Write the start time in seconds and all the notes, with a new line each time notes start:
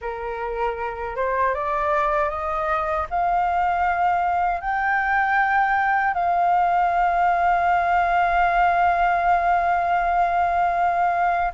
0.01 A#4
1.16 C5
1.54 D5
2.29 D#5
3.09 F5
4.60 G5
6.14 F5